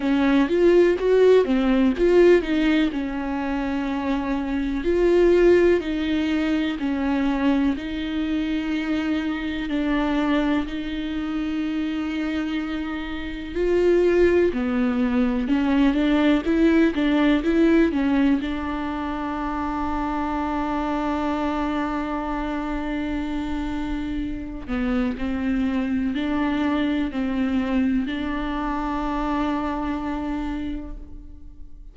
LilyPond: \new Staff \with { instrumentName = "viola" } { \time 4/4 \tempo 4 = 62 cis'8 f'8 fis'8 c'8 f'8 dis'8 cis'4~ | cis'4 f'4 dis'4 cis'4 | dis'2 d'4 dis'4~ | dis'2 f'4 b4 |
cis'8 d'8 e'8 d'8 e'8 cis'8 d'4~ | d'1~ | d'4. b8 c'4 d'4 | c'4 d'2. | }